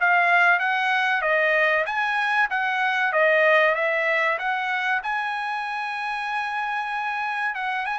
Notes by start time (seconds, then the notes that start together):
0.00 F5
0.59 F#5
1.22 D#5
1.86 G#5
2.50 F#5
3.12 D#5
3.75 E5
4.39 F#5
5.03 G#5
7.55 F#5
7.86 G#5